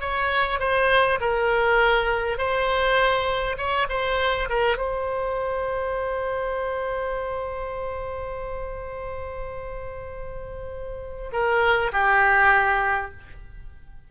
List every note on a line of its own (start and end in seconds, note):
0.00 0.59 C#5
0.59 1.19 C5
1.20 2.38 A#4
2.38 3.57 C5
3.57 3.87 C#5
3.89 4.49 C5
4.49 4.77 A#4
4.77 11.30 C5
11.32 11.91 A#4
11.92 13.11 G4